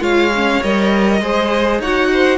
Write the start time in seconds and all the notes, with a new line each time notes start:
0.00 G#3 F4 C#5 F5
0.35 C#4
0.63 G3 A#4 D#5
1.21 G#3 G#4 C5
1.79 D#4 F#4 C#5 F#5
2.13 C5